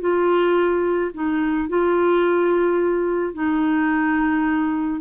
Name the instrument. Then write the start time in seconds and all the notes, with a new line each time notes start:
clarinet
0.00 F4
1.14 D#4
1.69 F4
3.34 D#4